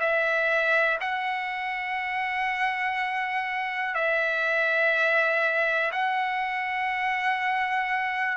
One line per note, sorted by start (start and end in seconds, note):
0.00 0.98 E5
1.01 3.95 F#5
3.95 5.92 E5
5.92 8.37 F#5